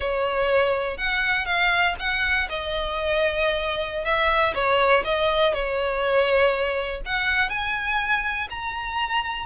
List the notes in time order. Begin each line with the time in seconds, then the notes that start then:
0.00 C#5
0.97 F#5
1.45 F5
1.99 F#5
2.49 D#5
4.05 E5
4.54 C#5
5.04 D#5
5.53 C#5
7.05 F#5
7.49 G#5
8.49 A#5